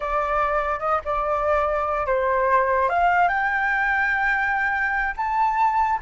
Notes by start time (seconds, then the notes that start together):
0.00 D5
0.79 D#5
1.04 D5
2.06 C5
2.89 F5
3.28 G5
5.16 A5